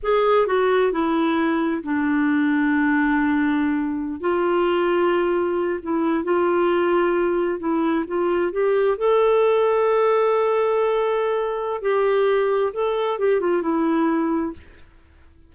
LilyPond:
\new Staff \with { instrumentName = "clarinet" } { \time 4/4 \tempo 4 = 132 gis'4 fis'4 e'2 | d'1~ | d'4~ d'16 f'2~ f'8.~ | f'8. e'4 f'2~ f'16~ |
f'8. e'4 f'4 g'4 a'16~ | a'1~ | a'2 g'2 | a'4 g'8 f'8 e'2 | }